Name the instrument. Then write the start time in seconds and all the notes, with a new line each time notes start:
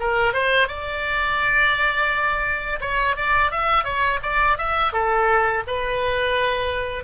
oboe
0.00 A#4
0.33 C5
0.68 D5
2.81 C#5
3.16 D5
3.51 E5
3.84 C#5
4.23 D5
4.58 E5
4.93 A4
5.67 B4